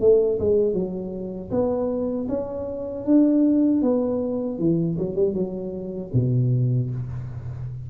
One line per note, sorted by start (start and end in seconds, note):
0.00 0.38 A3
0.39 0.73 G#3
0.73 1.50 F#3
1.50 2.27 B3
2.28 3.05 C#4
3.05 3.81 D4
3.81 4.58 B3
4.58 4.97 E3
4.98 5.15 F#3
5.15 5.34 G3
5.34 6.11 F#3
6.13 6.90 B2